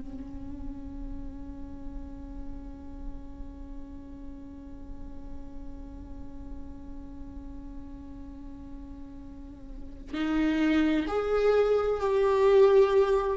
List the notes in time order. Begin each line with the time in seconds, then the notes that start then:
0.00 C#4
10.14 D#4
11.07 G#4
12.00 G4